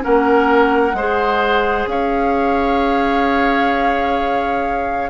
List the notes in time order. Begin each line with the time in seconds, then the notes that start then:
0.00 C#4 A#4 F#5
0.07 A#3
0.94 G#3 G#4 C5
1.87 C#4 C#5 F5